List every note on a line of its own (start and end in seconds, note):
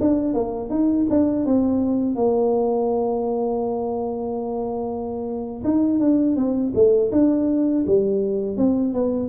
0.00 0.34 D4
0.34 0.70 A#3
0.70 1.06 D#4
1.09 1.45 D4
1.45 2.16 C4
2.16 5.63 A#3
5.64 5.99 D#4
5.99 6.36 D4
6.36 6.73 C4
6.74 7.11 A3
7.12 7.85 D4
7.87 8.57 G3
8.57 8.93 C4
8.93 9.29 B3